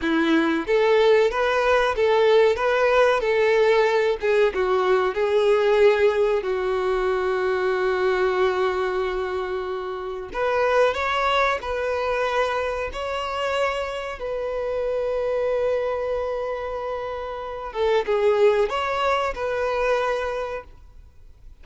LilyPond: \new Staff \with { instrumentName = "violin" } { \time 4/4 \tempo 4 = 93 e'4 a'4 b'4 a'4 | b'4 a'4. gis'8 fis'4 | gis'2 fis'2~ | fis'1 |
b'4 cis''4 b'2 | cis''2 b'2~ | b'2.~ b'8 a'8 | gis'4 cis''4 b'2 | }